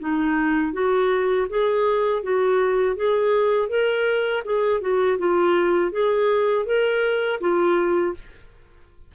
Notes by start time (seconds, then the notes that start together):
0.00 D#4
0.73 F#4
1.49 G#4
2.23 F#4
2.97 G#4
3.69 A#4
4.45 G#4
4.81 F#4
5.19 F4
5.92 G#4
6.66 A#4
7.41 F4